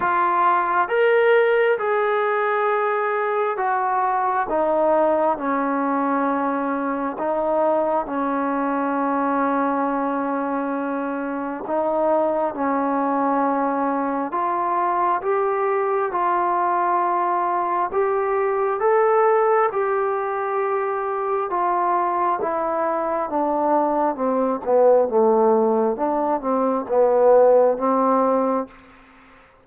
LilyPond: \new Staff \with { instrumentName = "trombone" } { \time 4/4 \tempo 4 = 67 f'4 ais'4 gis'2 | fis'4 dis'4 cis'2 | dis'4 cis'2.~ | cis'4 dis'4 cis'2 |
f'4 g'4 f'2 | g'4 a'4 g'2 | f'4 e'4 d'4 c'8 b8 | a4 d'8 c'8 b4 c'4 | }